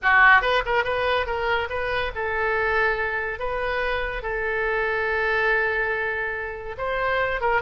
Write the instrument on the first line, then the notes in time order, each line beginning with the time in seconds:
oboe
0.02 F#4
0.41 B4
0.65 A#4
0.84 B4
1.26 A#4
1.69 B4
2.15 A4
3.39 B4
4.22 A4
6.77 C5
7.41 A#4